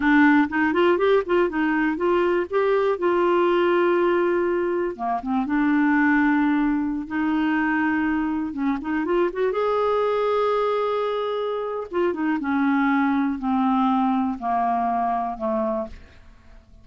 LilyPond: \new Staff \with { instrumentName = "clarinet" } { \time 4/4 \tempo 4 = 121 d'4 dis'8 f'8 g'8 f'8 dis'4 | f'4 g'4 f'2~ | f'2 ais8 c'8 d'4~ | d'2~ d'16 dis'4.~ dis'16~ |
dis'4~ dis'16 cis'8 dis'8 f'8 fis'8 gis'8.~ | gis'1 | f'8 dis'8 cis'2 c'4~ | c'4 ais2 a4 | }